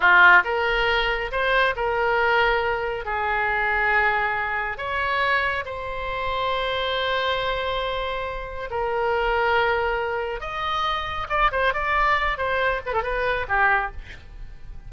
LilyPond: \new Staff \with { instrumentName = "oboe" } { \time 4/4 \tempo 4 = 138 f'4 ais'2 c''4 | ais'2. gis'4~ | gis'2. cis''4~ | cis''4 c''2.~ |
c''1 | ais'1 | dis''2 d''8 c''8 d''4~ | d''8 c''4 b'16 a'16 b'4 g'4 | }